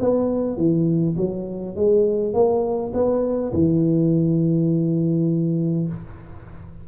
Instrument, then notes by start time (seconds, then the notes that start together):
tuba
0.00 B3
0.57 E3
1.17 F#3
1.76 G#3
2.34 A#3
2.94 B3
3.53 E3